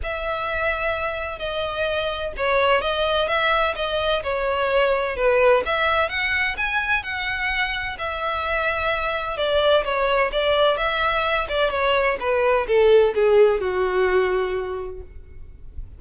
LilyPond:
\new Staff \with { instrumentName = "violin" } { \time 4/4 \tempo 4 = 128 e''2. dis''4~ | dis''4 cis''4 dis''4 e''4 | dis''4 cis''2 b'4 | e''4 fis''4 gis''4 fis''4~ |
fis''4 e''2. | d''4 cis''4 d''4 e''4~ | e''8 d''8 cis''4 b'4 a'4 | gis'4 fis'2. | }